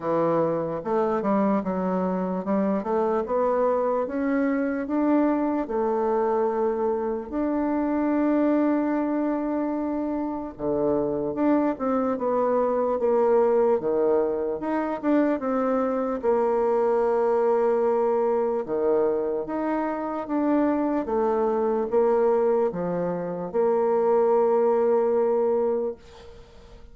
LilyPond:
\new Staff \with { instrumentName = "bassoon" } { \time 4/4 \tempo 4 = 74 e4 a8 g8 fis4 g8 a8 | b4 cis'4 d'4 a4~ | a4 d'2.~ | d'4 d4 d'8 c'8 b4 |
ais4 dis4 dis'8 d'8 c'4 | ais2. dis4 | dis'4 d'4 a4 ais4 | f4 ais2. | }